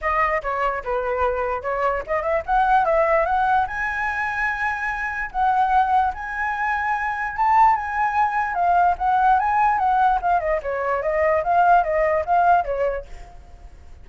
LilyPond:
\new Staff \with { instrumentName = "flute" } { \time 4/4 \tempo 4 = 147 dis''4 cis''4 b'2 | cis''4 dis''8 e''8 fis''4 e''4 | fis''4 gis''2.~ | gis''4 fis''2 gis''4~ |
gis''2 a''4 gis''4~ | gis''4 f''4 fis''4 gis''4 | fis''4 f''8 dis''8 cis''4 dis''4 | f''4 dis''4 f''4 cis''4 | }